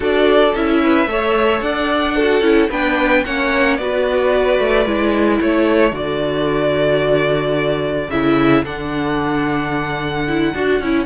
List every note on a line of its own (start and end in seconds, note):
0.00 0.52 D4
0.00 0.54 F#4
0.00 0.81 A4
0.00 0.55 D5
0.55 1.06 C#4
0.55 1.08 E4
0.55 1.61 E5
0.83 1.10 B4
1.06 1.60 A3
1.06 2.16 A4
1.06 1.63 C#5
1.61 2.41 D4
1.61 2.15 D5
1.61 2.69 F#5
2.15 2.41 F#4
2.15 2.69 A4
2.41 2.68 C#4
2.41 2.68 E4
2.69 3.24 B3
2.69 3.25 D4
2.69 3.23 B4
2.69 3.24 G5
3.24 3.78 A#3
3.24 3.79 C#4
3.24 3.79 C#5
3.24 3.76 F#5
3.76 4.59 B3
3.76 4.86 F#4
3.76 5.40 B4
3.76 5.38 D5
4.59 4.85 A3
4.85 5.39 G#3
4.85 5.91 E4
5.40 5.92 A3
5.40 11.06 A4
5.40 5.95 C#5
5.91 8.08 D3
5.91 8.08 F#4
5.91 8.10 D5
8.09 8.63 C#3
8.09 8.64 E4
8.09 8.64 E5
8.64 10.53 D3
8.64 10.26 D4
8.64 11.06 F#5
10.27 10.54 E4
10.54 10.80 D4
10.54 10.81 F#4
10.80 11.06 C#4
10.80 11.06 E4